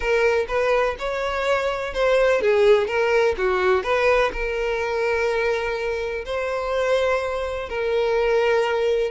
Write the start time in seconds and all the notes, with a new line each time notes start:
0.00 A#4
0.48 B4
0.98 C#5
1.93 C5
2.41 G#4
2.87 A#4
3.37 F#4
3.83 B4
4.32 A#4
6.25 C5
7.69 A#4